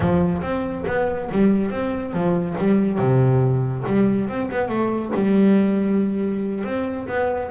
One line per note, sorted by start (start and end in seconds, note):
0.00 0.41 F3
0.41 0.84 C4
0.87 1.30 B3
1.31 1.70 G3
1.70 2.13 C4
2.13 2.56 F3
2.58 2.98 G3
2.98 3.84 C3
3.86 4.28 G3
4.28 4.49 C4
4.50 4.68 B3
4.68 5.11 A3
5.14 6.64 G3
6.64 7.07 C4
7.07 7.50 B3